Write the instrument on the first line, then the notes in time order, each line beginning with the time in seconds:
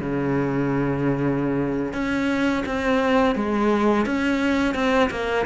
cello
0.00 C#3
1.93 C#4
2.65 C4
3.35 G#3
4.06 C#4
4.74 C4
5.10 A#3